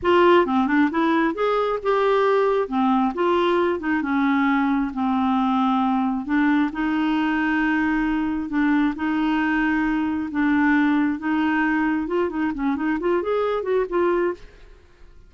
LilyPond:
\new Staff \with { instrumentName = "clarinet" } { \time 4/4 \tempo 4 = 134 f'4 c'8 d'8 e'4 gis'4 | g'2 c'4 f'4~ | f'8 dis'8 cis'2 c'4~ | c'2 d'4 dis'4~ |
dis'2. d'4 | dis'2. d'4~ | d'4 dis'2 f'8 dis'8 | cis'8 dis'8 f'8 gis'4 fis'8 f'4 | }